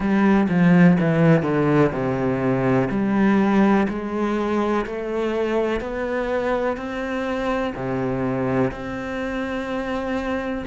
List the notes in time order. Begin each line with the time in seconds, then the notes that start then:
0.00 G3
0.48 F3
1.00 E3
1.42 D3
1.92 C3
2.90 G3
3.88 G#3
4.86 A3
5.80 B3
6.77 C4
7.75 C3
8.71 C4